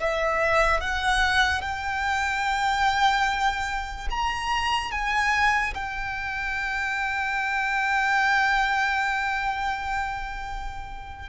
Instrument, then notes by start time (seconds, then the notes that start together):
violin
0.00 E5
0.81 F#5
1.62 G5
4.10 A#5
4.92 G#5
5.74 G5